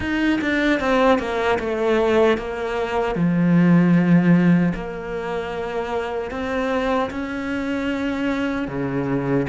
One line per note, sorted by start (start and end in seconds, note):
0.00 0.39 D#4
0.41 0.79 D4
0.79 1.18 C4
1.18 1.58 A#3
1.59 2.37 A3
2.37 3.15 A#3
3.15 4.73 F3
4.74 6.31 A#3
6.31 7.09 C4
7.10 8.67 C#4
8.67 9.46 C#3